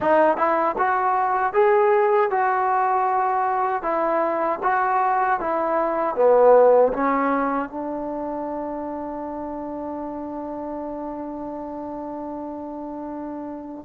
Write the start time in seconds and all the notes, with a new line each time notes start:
0.00 D#4
0.37 E4
0.78 F#4
1.53 G#4
2.30 F#4
3.82 E4
4.63 F#4
5.40 E4
6.15 B3
6.93 C#4
7.69 D4